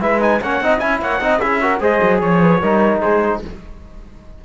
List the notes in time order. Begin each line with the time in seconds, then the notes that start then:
0.00 G#3 E4 B4 E5
0.20 D#4 G#5
0.41 A#3 C#4 C#5 F#5
0.60 C4 D#4 D#5
0.79 C#4 E4 E5 G#5
1.01 A#3 C#5 F#5
1.20 C4 D#4 D#5
1.39 C#4 E4 G#4 E5
1.62 F#4 A#4
1.80 G#3 G#4 C5 D#5
2.02 F#3
2.20 F3 C#5
2.41 B4
2.61 G3 D#4 A#4
3.01 G#3 G#4 C5